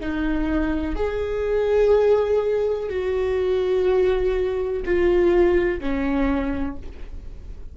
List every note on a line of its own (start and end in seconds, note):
0.00 0.95 D#4
0.95 2.89 G#4
2.89 4.83 F#4
4.85 5.80 F4
5.80 6.77 C#4